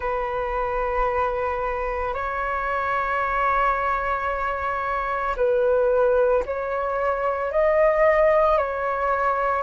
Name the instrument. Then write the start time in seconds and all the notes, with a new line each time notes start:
flute
0.00 B4
2.14 C#5
5.36 B4
6.45 C#5
7.51 D#5
8.57 C#5